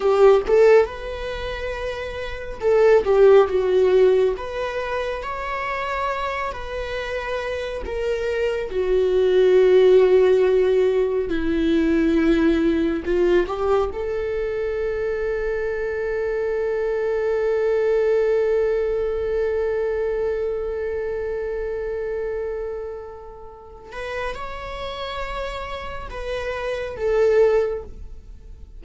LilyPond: \new Staff \with { instrumentName = "viola" } { \time 4/4 \tempo 4 = 69 g'8 a'8 b'2 a'8 g'8 | fis'4 b'4 cis''4. b'8~ | b'4 ais'4 fis'2~ | fis'4 e'2 f'8 g'8 |
a'1~ | a'1~ | a'2.~ a'8 b'8 | cis''2 b'4 a'4 | }